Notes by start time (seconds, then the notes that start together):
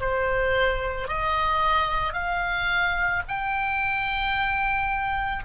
0.00 C5
1.08 D#5
2.13 F5
3.27 G5